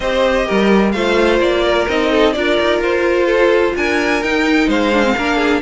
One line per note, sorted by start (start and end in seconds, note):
0.00 0.46 C4
0.00 0.95 G4
0.00 0.46 C5
0.00 0.91 D#5
0.46 0.94 G3
0.46 0.93 A#4
0.91 1.39 A3
0.91 1.87 F4
0.91 1.64 C5
0.91 1.38 F5
1.39 1.86 A#3
1.39 1.87 D5
1.64 2.10 A#4
1.87 2.35 C4
1.87 2.34 D#4
1.87 2.32 D#5
2.10 2.34 A4
2.32 2.59 D4
2.32 4.22 F4
2.32 3.25 A#4
2.32 2.79 D5
2.60 2.78 D#4
2.78 3.72 F4
2.78 3.76 C5
3.25 3.72 A4
3.76 4.22 D4
3.76 4.67 A#4
3.76 4.22 G#5
4.22 4.67 D#4
4.22 4.93 D#4
4.22 4.69 G5
4.67 5.14 G#3
4.67 5.13 C5
4.67 5.61 F5
4.93 5.03 D4
5.03 5.15 C4
5.17 5.61 A#3
5.17 5.61 D4
5.17 5.36 A#4
5.36 5.60 G#4